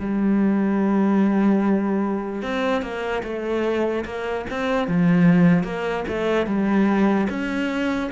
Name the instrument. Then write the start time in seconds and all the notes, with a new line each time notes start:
cello
0.00 G3
2.43 C4
2.82 A#3
3.24 A3
4.06 A#3
4.50 C4
4.88 F3
5.64 A#3
6.08 A3
6.47 G3
7.30 C#4